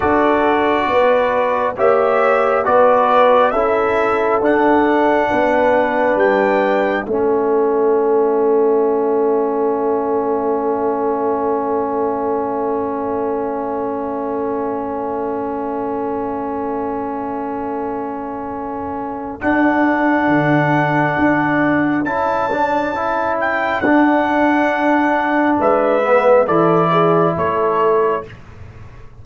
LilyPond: <<
  \new Staff \with { instrumentName = "trumpet" } { \time 4/4 \tempo 4 = 68 d''2 e''4 d''4 | e''4 fis''2 g''4 | e''1~ | e''1~ |
e''1~ | e''2 fis''2~ | fis''4 a''4. g''8 fis''4~ | fis''4 e''4 d''4 cis''4 | }
  \new Staff \with { instrumentName = "horn" } { \time 4/4 a'4 b'4 cis''4 b'4 | a'2 b'2 | a'1~ | a'1~ |
a'1~ | a'1~ | a'1~ | a'4 b'4 a'8 gis'8 a'4 | }
  \new Staff \with { instrumentName = "trombone" } { \time 4/4 fis'2 g'4 fis'4 | e'4 d'2. | cis'1~ | cis'1~ |
cis'1~ | cis'2 d'2~ | d'4 e'8 d'8 e'4 d'4~ | d'4. b8 e'2 | }
  \new Staff \with { instrumentName = "tuba" } { \time 4/4 d'4 b4 ais4 b4 | cis'4 d'4 b4 g4 | a1~ | a1~ |
a1~ | a2 d'4 d4 | d'4 cis'2 d'4~ | d'4 gis4 e4 a4 | }
>>